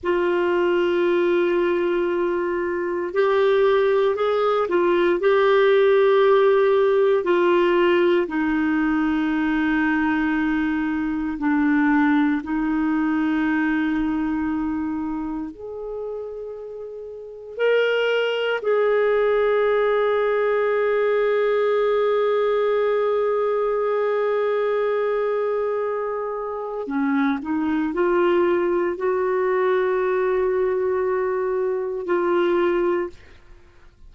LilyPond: \new Staff \with { instrumentName = "clarinet" } { \time 4/4 \tempo 4 = 58 f'2. g'4 | gis'8 f'8 g'2 f'4 | dis'2. d'4 | dis'2. gis'4~ |
gis'4 ais'4 gis'2~ | gis'1~ | gis'2 cis'8 dis'8 f'4 | fis'2. f'4 | }